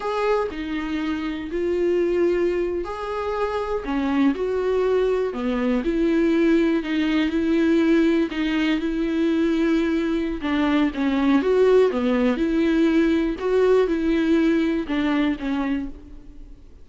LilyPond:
\new Staff \with { instrumentName = "viola" } { \time 4/4 \tempo 4 = 121 gis'4 dis'2 f'4~ | f'4.~ f'16 gis'2 cis'16~ | cis'8. fis'2 b4 e'16~ | e'4.~ e'16 dis'4 e'4~ e'16~ |
e'8. dis'4 e'2~ e'16~ | e'4 d'4 cis'4 fis'4 | b4 e'2 fis'4 | e'2 d'4 cis'4 | }